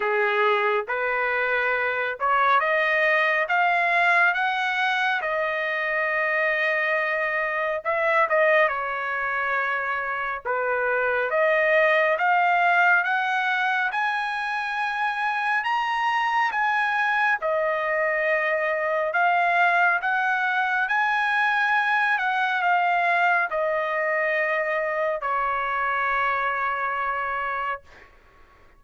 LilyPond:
\new Staff \with { instrumentName = "trumpet" } { \time 4/4 \tempo 4 = 69 gis'4 b'4. cis''8 dis''4 | f''4 fis''4 dis''2~ | dis''4 e''8 dis''8 cis''2 | b'4 dis''4 f''4 fis''4 |
gis''2 ais''4 gis''4 | dis''2 f''4 fis''4 | gis''4. fis''8 f''4 dis''4~ | dis''4 cis''2. | }